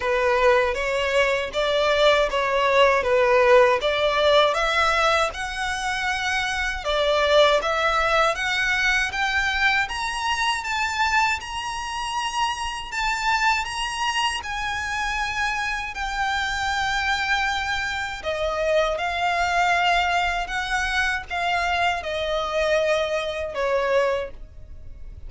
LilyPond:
\new Staff \with { instrumentName = "violin" } { \time 4/4 \tempo 4 = 79 b'4 cis''4 d''4 cis''4 | b'4 d''4 e''4 fis''4~ | fis''4 d''4 e''4 fis''4 | g''4 ais''4 a''4 ais''4~ |
ais''4 a''4 ais''4 gis''4~ | gis''4 g''2. | dis''4 f''2 fis''4 | f''4 dis''2 cis''4 | }